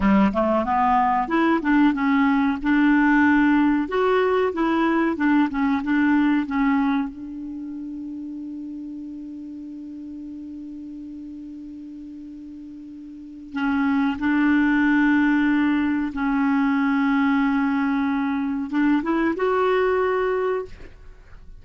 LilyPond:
\new Staff \with { instrumentName = "clarinet" } { \time 4/4 \tempo 4 = 93 g8 a8 b4 e'8 d'8 cis'4 | d'2 fis'4 e'4 | d'8 cis'8 d'4 cis'4 d'4~ | d'1~ |
d'1~ | d'4 cis'4 d'2~ | d'4 cis'2.~ | cis'4 d'8 e'8 fis'2 | }